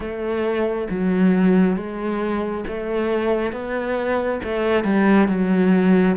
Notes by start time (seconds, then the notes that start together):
0.00 A3
0.89 F#3
1.76 G#3
2.67 A3
3.52 B3
4.44 A3
4.84 G3
5.27 F#3